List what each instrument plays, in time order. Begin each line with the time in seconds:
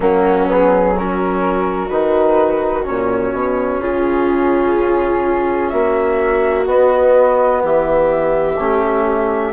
0.00 bassoon F#3, trombone A#3, viola C#4, flute F#4
0.47 trombone B3, flute G#4
0.96 trombone C#4, viola F#4, flute A#4
1.88 bassoon D#3, trombone D#4, flute B4
2.83 bassoon A#2, trombone C#4, flute C#5
3.33 bassoon B2
3.80 bassoon C#3, viola F4, flute G#4
5.69 bassoon A#3, viola F#4, flute E5
6.64 trombone B3, bassoon B3, flute D#5
7.62 bassoon E3, viola G4, flute E5
8.58 bassoon A3, trombone C#4